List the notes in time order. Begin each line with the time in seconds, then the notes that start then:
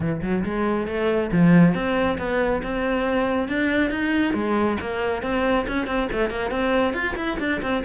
0.00 E3
0.22 F#3
0.44 G#3
0.87 A3
1.32 F3
1.74 C4
2.18 B3
2.63 C4
3.48 D4
3.90 D#4
4.33 G#3
4.80 A#3
5.22 C4
5.67 C#4
5.86 C4
6.11 A3
6.30 A#3
6.50 C4
6.93 F4
7.16 E4
7.39 D4
7.62 C4